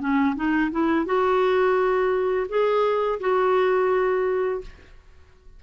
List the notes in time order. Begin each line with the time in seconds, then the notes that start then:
0.00 C#4
0.36 D#4
0.71 E4
1.06 F#4
2.49 G#4
3.20 F#4